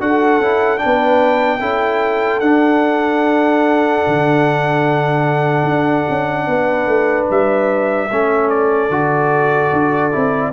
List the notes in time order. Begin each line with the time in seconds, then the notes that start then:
0.00 D4 F#4 A4 F#5
0.39 C#4 E4
0.78 D4 G5
0.84 B3 B4
1.59 C#4 E4 A4
2.40 D4 F#5
4.07 D3
5.64 D4
6.09 C#4
6.47 B3 B4
6.86 A3
7.30 G3 E5
8.09 A3 C#4 A4
8.49 D5
8.90 D3 F#4
9.73 D4
10.12 C4 E4